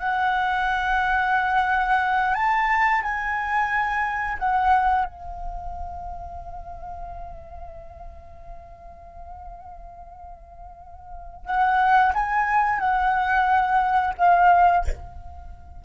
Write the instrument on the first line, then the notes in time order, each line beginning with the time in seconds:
flute
0.00 F#5
2.35 A5
3.02 G#5
4.40 F#5
5.06 F5
11.46 F#5
12.14 G#5
12.80 F#5
14.18 F5